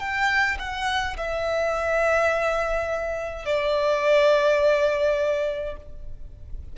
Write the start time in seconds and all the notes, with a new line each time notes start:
0.00 G5
0.59 F#5
1.17 E5
3.46 D5